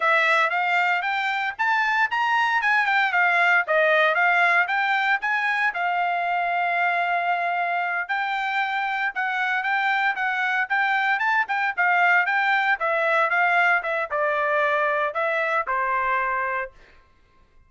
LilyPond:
\new Staff \with { instrumentName = "trumpet" } { \time 4/4 \tempo 4 = 115 e''4 f''4 g''4 a''4 | ais''4 gis''8 g''8 f''4 dis''4 | f''4 g''4 gis''4 f''4~ | f''2.~ f''8 g''8~ |
g''4. fis''4 g''4 fis''8~ | fis''8 g''4 a''8 g''8 f''4 g''8~ | g''8 e''4 f''4 e''8 d''4~ | d''4 e''4 c''2 | }